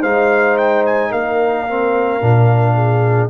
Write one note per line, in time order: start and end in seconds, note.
0.00 1.11 G#3
0.00 1.67 D#4
0.00 1.09 C5
0.00 0.57 F5
0.57 0.84 G5
0.86 1.12 G#5
1.10 2.20 A#3
1.10 2.73 A#4
1.10 3.30 F5
1.67 2.20 C4
2.20 3.30 A#2
2.20 3.30 D4
2.74 3.29 G#4